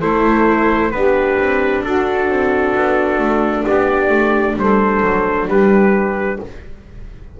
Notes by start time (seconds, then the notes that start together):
0.00 A3 E4 A4 C5
0.91 B3 D4 G4 B4
1.38 C4
1.84 D4 F#4 A4
2.28 C4
2.75 B3
3.18 A3
3.64 B3 G4 D5
4.09 A3
4.55 G3 A4 C5
5.02 F#3
5.48 G3 G4 B4